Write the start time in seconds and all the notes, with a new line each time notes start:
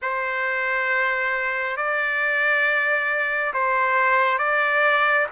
0.02 C5
1.76 D5
3.53 C5
4.38 D5